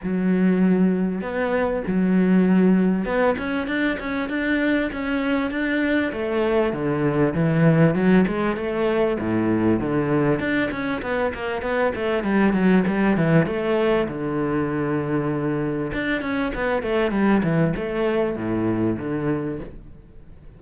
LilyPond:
\new Staff \with { instrumentName = "cello" } { \time 4/4 \tempo 4 = 98 fis2 b4 fis4~ | fis4 b8 cis'8 d'8 cis'8 d'4 | cis'4 d'4 a4 d4 | e4 fis8 gis8 a4 a,4 |
d4 d'8 cis'8 b8 ais8 b8 a8 | g8 fis8 g8 e8 a4 d4~ | d2 d'8 cis'8 b8 a8 | g8 e8 a4 a,4 d4 | }